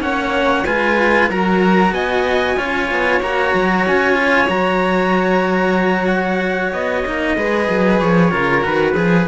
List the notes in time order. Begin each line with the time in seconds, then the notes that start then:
0.00 A#3 C#4 C#5 F#5
0.65 G#3 F4 B4 G#5
1.29 F#3 F#4 A#4 A#5
1.91 B3 D#5 G#5
2.57 C#4 F4 C#5
2.91 B3
3.20 A#3 F#4 A#5
3.54 F#3
3.86 C#4 G#5
4.14 F4
4.48 F#3 F#4 A#5
6.07 F#5
6.72 B3 D#5
7.05 A#3 D#4
7.36 G#3 G#4 B4
7.69 F#3
8.00 F3 C#5
8.30 C#3 F4 A#4
8.61 D#3 F#4 B4
8.93 F3 G#4